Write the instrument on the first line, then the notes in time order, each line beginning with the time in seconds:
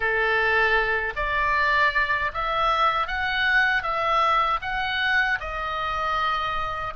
oboe
0.00 A4
1.16 D5
2.33 E5
3.07 F#5
3.83 E5
4.62 F#5
5.40 D#5